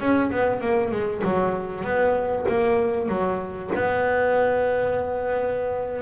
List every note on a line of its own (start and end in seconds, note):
0.00 0.31 C#4
0.31 0.61 B3
0.61 0.91 A#3
0.91 1.22 G#3
1.24 1.84 F#3
1.84 2.46 B3
2.48 3.08 A#3
3.08 3.70 F#3
3.75 6.02 B3